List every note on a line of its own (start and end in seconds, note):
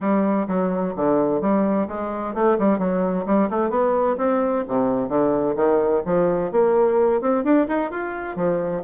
0.00 0.47 G3
0.47 0.94 F#3
0.96 1.41 D3
1.41 1.87 G3
1.88 2.34 G#3
2.34 2.57 A3
2.58 2.79 G3
2.79 3.25 F#3
3.26 3.49 G3
3.50 3.70 A3
3.70 4.16 B3
4.17 4.64 C4
4.68 5.08 C3
5.08 5.55 D3
5.56 6.02 D#3
6.05 6.51 F3
6.51 7.21 A#3
7.21 7.43 C4
7.43 7.67 D4
7.67 7.90 D#4
7.90 8.36 F4
8.36 8.82 F3